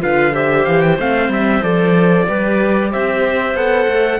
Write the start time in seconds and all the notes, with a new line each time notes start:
0.00 D3 F4 B4 F5
0.32 G4 C5 E5
0.65 E3 F5
0.81 G5
0.99 A3 C4 F5
1.29 G3 E5
1.62 F3 A4 D5
2.28 G3 G4 B4
2.91 C4 C5 E5
3.54 B3 A4 F#5
3.88 A3